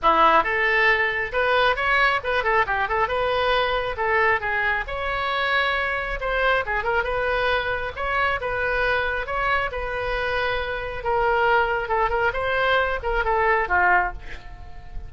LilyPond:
\new Staff \with { instrumentName = "oboe" } { \time 4/4 \tempo 4 = 136 e'4 a'2 b'4 | cis''4 b'8 a'8 g'8 a'8 b'4~ | b'4 a'4 gis'4 cis''4~ | cis''2 c''4 gis'8 ais'8 |
b'2 cis''4 b'4~ | b'4 cis''4 b'2~ | b'4 ais'2 a'8 ais'8 | c''4. ais'8 a'4 f'4 | }